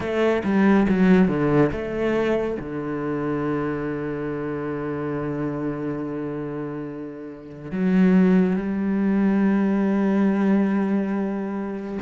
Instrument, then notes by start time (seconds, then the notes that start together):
cello
0.00 A3
0.44 G3
0.88 F#3
1.28 D3
1.71 A3
2.59 D3
7.71 F#3
8.56 G3